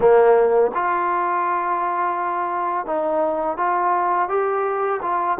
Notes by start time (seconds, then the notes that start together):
0.00 A#3
0.74 F4
2.85 D#4
3.57 F4
4.29 G4
5.02 F4